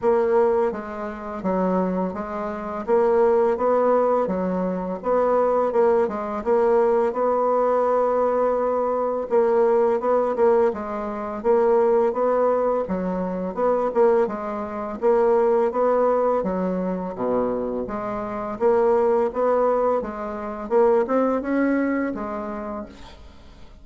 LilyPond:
\new Staff \with { instrumentName = "bassoon" } { \time 4/4 \tempo 4 = 84 ais4 gis4 fis4 gis4 | ais4 b4 fis4 b4 | ais8 gis8 ais4 b2~ | b4 ais4 b8 ais8 gis4 |
ais4 b4 fis4 b8 ais8 | gis4 ais4 b4 fis4 | b,4 gis4 ais4 b4 | gis4 ais8 c'8 cis'4 gis4 | }